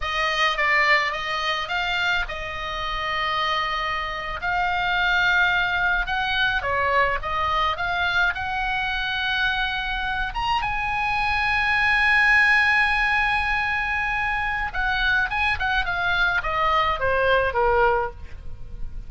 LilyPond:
\new Staff \with { instrumentName = "oboe" } { \time 4/4 \tempo 4 = 106 dis''4 d''4 dis''4 f''4 | dis''2.~ dis''8. f''16~ | f''2~ f''8. fis''4 cis''16~ | cis''8. dis''4 f''4 fis''4~ fis''16~ |
fis''2~ fis''16 ais''8 gis''4~ gis''16~ | gis''1~ | gis''2 fis''4 gis''8 fis''8 | f''4 dis''4 c''4 ais'4 | }